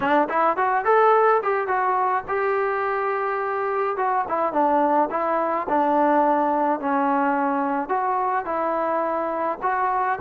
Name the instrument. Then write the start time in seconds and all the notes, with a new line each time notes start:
trombone
0.00 D4
0.29 E4
0.57 F#4
0.85 A4
1.42 G4
1.67 F#4
2.28 G4
3.96 F#4
4.28 E4
4.52 D4
5.10 E4
5.68 D4
6.80 C#4
7.89 F#4
8.45 E4
9.62 F#4